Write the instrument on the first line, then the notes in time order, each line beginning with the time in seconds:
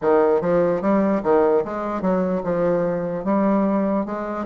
bassoon
0.01 D#3
0.41 F3
0.81 G3
1.23 D#3
1.64 G#3
2.01 F#3
2.43 F3
3.24 G3
4.05 G#3